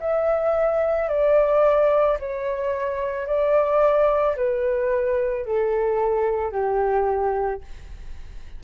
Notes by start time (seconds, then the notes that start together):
0.00 E5
1.09 D5
2.20 C#5
3.27 D5
4.36 B4
5.46 A4
6.52 G4